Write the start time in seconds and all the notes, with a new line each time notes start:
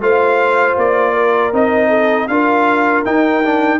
0.00 A3 F4 C5 F5
0.77 A#3 D5
1.13 A#4
1.52 C4 D#4 D#5
1.88 A4
2.28 D4 F4 A#4 F5
3.05 D#4 G5
3.43 D4